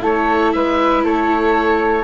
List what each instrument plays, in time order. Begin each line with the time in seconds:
0.00 bassoon A3, viola E4, flute A4, oboe C#5
0.53 bassoon G#3, flute B4, oboe E5
1.04 bassoon A3, flute A4, oboe C#5